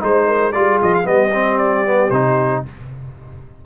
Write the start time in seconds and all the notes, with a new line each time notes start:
0.00 G#3 D#4 C5
0.27 A#4
0.52 G3 F4 G#4 D5
0.82 F3 D#5
0.94 F5
1.04 G3 B3 G4 D#5
1.34 C4
1.58 D5
1.85 B3
2.10 C3 D#4 C5